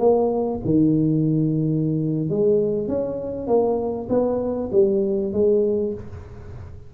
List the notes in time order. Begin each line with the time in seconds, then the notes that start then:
0.00 A#3
0.65 D#3
2.30 G#3
2.88 C#4
3.48 A#3
4.10 B3
4.73 G3
5.33 G#3